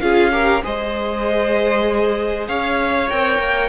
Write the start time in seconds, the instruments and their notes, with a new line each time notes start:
0.00 cello C#4, viola F4, violin G#4 F5
0.31 viola G4, violin A#4
0.63 cello G#3, viola G#4, violin C5 D#5
2.47 cello C#4, violin C#5 F5
3.09 cello C4, viola A#4, violin G5
3.38 cello A#3